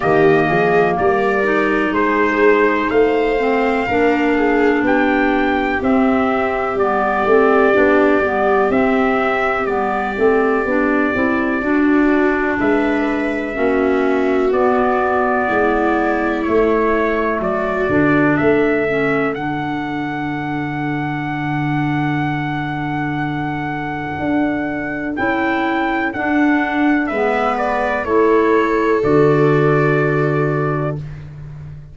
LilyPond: <<
  \new Staff \with { instrumentName = "trumpet" } { \time 4/4 \tempo 4 = 62 dis''4 d''4 c''4 f''4~ | f''4 g''4 e''4 d''4~ | d''4 e''4 d''2~ | d''4 e''2 d''4~ |
d''4 cis''4 d''4 e''4 | fis''1~ | fis''2 g''4 fis''4 | e''8 d''8 cis''4 d''2 | }
  \new Staff \with { instrumentName = "viola" } { \time 4/4 g'8 gis'8 ais'4 gis'4 c''4 | ais'8 gis'8 g'2.~ | g'1 | fis'4 b'4 fis'2 |
e'2 fis'4 a'4~ | a'1~ | a'1 | b'4 a'2. | }
  \new Staff \with { instrumentName = "clarinet" } { \time 4/4 ais4. dis'2 c'8 | d'2 c'4 b8 c'8 | d'8 b8 c'4 b8 c'8 d'8 e'8 | d'2 cis'4 b4~ |
b4 a4. d'4 cis'8 | d'1~ | d'2 e'4 d'4 | b4 e'4 fis'2 | }
  \new Staff \with { instrumentName = "tuba" } { \time 4/4 dis8 f8 g4 gis4 a4 | ais4 b4 c'4 g8 a8 | b8 g8 c'4 g8 a8 b8 c'8 | d'4 gis4 ais4 b4 |
gis4 a4 fis8 d8 a4 | d1~ | d4 d'4 cis'4 d'4 | gis4 a4 d2 | }
>>